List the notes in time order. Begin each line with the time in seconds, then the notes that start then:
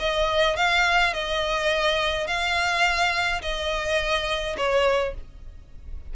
0.00 D#5
0.57 F5
1.14 D#5
2.28 F5
3.42 D#5
4.57 C#5